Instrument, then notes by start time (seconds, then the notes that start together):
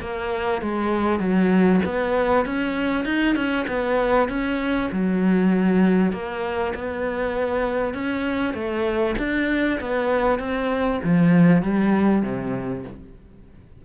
cello
0.00 A#3
0.61 G#3
1.19 F#3
1.85 B3
2.45 C#4
3.04 D#4
3.35 C#4
3.67 B3
4.28 C#4
4.91 F#3
6.12 A#3
6.74 B3
7.93 C#4
8.54 A3
9.18 D4
9.80 B3
10.39 C4
11.03 F3
11.62 G3
12.22 C3